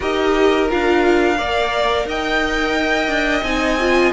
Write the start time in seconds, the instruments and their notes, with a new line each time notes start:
0.00 cello D#4, viola G4, violin A#4 D#5
0.68 cello D4, viola F4, violin F5
1.37 cello A#3, viola A#4, violin D5
2.05 cello D#4, violin D#5 G5
3.07 cello D4
3.42 cello C4, viola D#4, violin G#5
3.80 viola F4